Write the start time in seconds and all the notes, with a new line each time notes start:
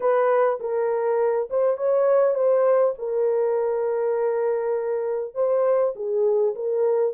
0.00 B4
0.59 A#4
1.50 C5
1.77 C#5
2.34 C5
2.98 A#4
5.34 C5
5.95 G#4
6.55 A#4